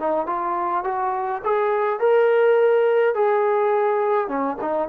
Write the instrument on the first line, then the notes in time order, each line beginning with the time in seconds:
trombone
0.00 D#4
0.27 F4
0.84 F#4
1.44 G#4
2.00 A#4
3.15 G#4
4.28 C#4
4.62 D#4